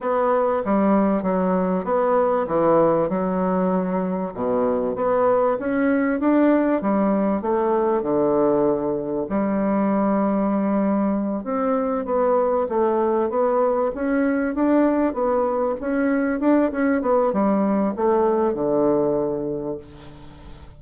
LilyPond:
\new Staff \with { instrumentName = "bassoon" } { \time 4/4 \tempo 4 = 97 b4 g4 fis4 b4 | e4 fis2 b,4 | b4 cis'4 d'4 g4 | a4 d2 g4~ |
g2~ g8 c'4 b8~ | b8 a4 b4 cis'4 d'8~ | d'8 b4 cis'4 d'8 cis'8 b8 | g4 a4 d2 | }